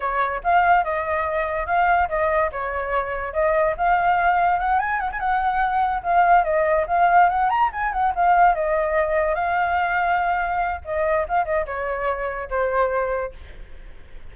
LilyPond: \new Staff \with { instrumentName = "flute" } { \time 4/4 \tempo 4 = 144 cis''4 f''4 dis''2 | f''4 dis''4 cis''2 | dis''4 f''2 fis''8 gis''8 | fis''16 gis''16 fis''2 f''4 dis''8~ |
dis''8 f''4 fis''8 ais''8 gis''8 fis''8 f''8~ | f''8 dis''2 f''4.~ | f''2 dis''4 f''8 dis''8 | cis''2 c''2 | }